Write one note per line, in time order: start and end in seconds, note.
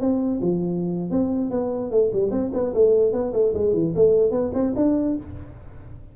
0.00 0.40 C4
0.41 1.11 F3
1.11 1.50 C4
1.50 1.91 B3
1.91 2.11 A3
2.13 2.31 G3
2.31 2.51 C4
2.53 2.73 B3
2.73 3.12 A3
3.12 3.32 B3
3.33 3.53 A3
3.54 3.73 G#3
3.73 3.93 E3
3.95 4.31 A3
4.31 4.51 B3
4.54 4.74 C4
4.76 5.16 D4